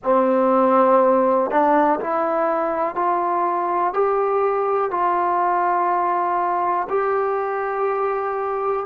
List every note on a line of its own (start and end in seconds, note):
0.03 1.50 C4
1.50 1.99 D4
2.00 2.95 E4
2.95 3.93 F4
3.93 4.90 G4
4.90 6.87 F4
6.89 8.86 G4